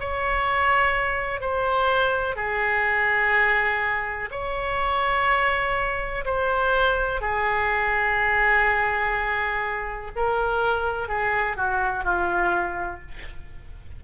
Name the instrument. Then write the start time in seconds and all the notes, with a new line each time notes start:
oboe
0.00 C#5
1.41 C5
2.36 G#4
4.31 C#5
6.25 C5
7.21 G#4
10.16 A#4
11.08 G#4
11.56 F#4
12.04 F4